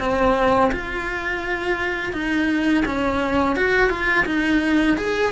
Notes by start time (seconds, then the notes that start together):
0.00 C4
0.72 F4
2.13 D#4
2.86 C#4
3.56 F#4
3.90 F4
4.26 D#4
4.97 G#4